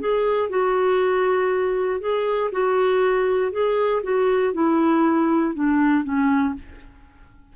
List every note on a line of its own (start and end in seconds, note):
0.00 0.50 G#4
0.50 2.00 F#4
2.00 2.51 G#4
2.52 3.52 F#4
3.52 4.02 G#4
4.03 4.54 F#4
4.54 5.55 E4
5.55 6.04 D4
6.04 6.54 C#4